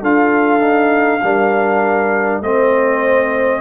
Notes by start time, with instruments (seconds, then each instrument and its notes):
0.00 tuba D4, trombone F4, horn A4, trumpet F5
0.60 trombone D#4
1.23 tuba G3, trombone D4, horn A#4
2.40 tuba A3, trombone C4, horn C5, trumpet D#5